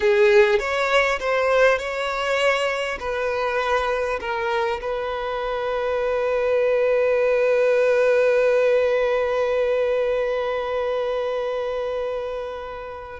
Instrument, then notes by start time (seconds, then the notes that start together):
violin
0.00 G#4
0.59 C#5
1.19 C5
1.78 C#5
2.99 B4
4.20 A#4
4.81 B4